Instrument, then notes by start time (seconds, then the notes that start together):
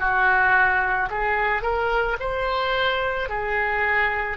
oboe
0.00 F#4
1.10 G#4
1.62 A#4
2.20 C5
3.29 G#4